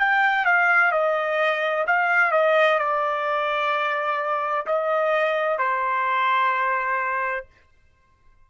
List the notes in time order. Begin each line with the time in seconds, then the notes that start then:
0.00 G5
0.46 F5
0.92 D#5
1.87 F5
2.32 D#5
2.79 D5
4.67 D#5
5.59 C5